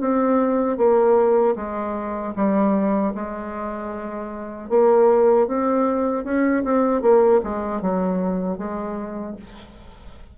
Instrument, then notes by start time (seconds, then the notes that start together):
bassoon
0.00 C4
0.78 A#3
1.55 G#3
2.36 G3
3.15 G#3
4.69 A#3
5.47 C4
6.24 C#4
6.64 C4
7.02 A#3
7.43 G#3
7.81 F#3
8.57 G#3